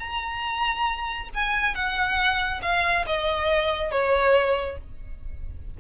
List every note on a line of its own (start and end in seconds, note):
0.00 1.29 A#5
1.35 1.75 G#5
1.75 2.61 F#5
2.62 3.05 F5
3.07 3.92 D#5
3.92 4.78 C#5